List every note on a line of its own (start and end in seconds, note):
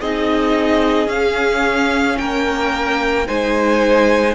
0.00 1.07 C4
0.00 1.08 D#4
0.00 2.18 G#4
0.00 1.09 D#5
1.07 2.16 C#4
1.07 3.26 C#4
1.07 2.18 F5
2.18 3.28 A#3
2.18 3.27 A#4
2.18 3.27 G5
3.26 4.35 G#3
3.26 4.35 D#4
3.26 4.35 C5
3.26 4.35 G#5